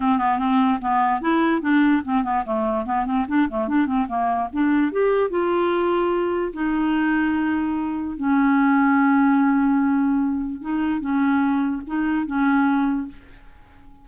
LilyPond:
\new Staff \with { instrumentName = "clarinet" } { \time 4/4 \tempo 4 = 147 c'8 b8 c'4 b4 e'4 | d'4 c'8 b8 a4 b8 c'8 | d'8 a8 d'8 c'8 ais4 d'4 | g'4 f'2. |
dis'1 | cis'1~ | cis'2 dis'4 cis'4~ | cis'4 dis'4 cis'2 | }